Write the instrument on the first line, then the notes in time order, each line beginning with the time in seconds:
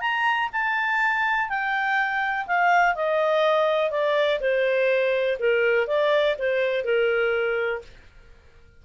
clarinet
0.00 A#5
0.52 A5
1.49 G5
2.46 F5
2.95 D#5
3.90 D5
4.40 C5
5.39 A#4
5.87 D5
6.38 C5
6.84 A#4